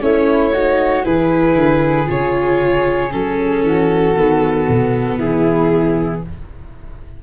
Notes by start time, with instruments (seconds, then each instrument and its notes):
0.00 tuba A3, viola C#4, flute E4, violin C#5
0.52 viola D#4, flute F#4
1.03 tuba E3, viola E4, flute G#4, violin B4
1.55 tuba D3
2.06 tuba C#3, viola F4, violin C#5
3.11 tuba F#3, viola C#4, violin A4
3.62 tuba E3, flute F#4
4.15 tuba D#3, viola B3
4.68 tuba B2
5.18 tuba E3, flute E4, violin G#4